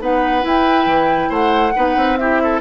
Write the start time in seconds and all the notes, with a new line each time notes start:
0.00 B3 D#4 B4 F#5
0.42 E4 G5
0.86 E3
1.30 A3 C5 F#5
1.76 B3 D#4 B4
1.96 C4
2.17 E4 G4 E5
2.44 A4